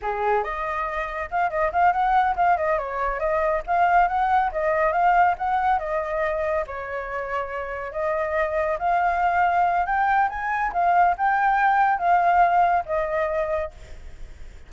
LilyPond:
\new Staff \with { instrumentName = "flute" } { \time 4/4 \tempo 4 = 140 gis'4 dis''2 f''8 dis''8 | f''8 fis''4 f''8 dis''8 cis''4 dis''8~ | dis''8 f''4 fis''4 dis''4 f''8~ | f''8 fis''4 dis''2 cis''8~ |
cis''2~ cis''8 dis''4.~ | dis''8 f''2~ f''8 g''4 | gis''4 f''4 g''2 | f''2 dis''2 | }